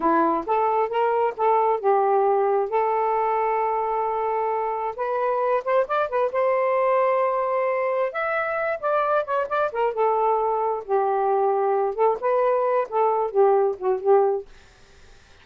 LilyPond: \new Staff \with { instrumentName = "saxophone" } { \time 4/4 \tempo 4 = 133 e'4 a'4 ais'4 a'4 | g'2 a'2~ | a'2. b'4~ | b'8 c''8 d''8 b'8 c''2~ |
c''2 e''4. d''8~ | d''8 cis''8 d''8 ais'8 a'2 | g'2~ g'8 a'8 b'4~ | b'8 a'4 g'4 fis'8 g'4 | }